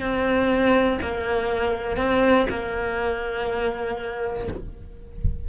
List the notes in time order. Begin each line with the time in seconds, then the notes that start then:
0.00 C4
1.02 A#3
1.97 C4
2.50 A#3